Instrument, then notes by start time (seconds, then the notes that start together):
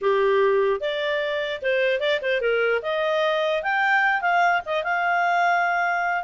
clarinet
0.01 G4
0.80 D5
1.62 C5
1.99 D5
2.21 C5
2.40 A#4
2.82 D#5
3.62 G5
4.21 F5
4.65 D#5
4.83 F5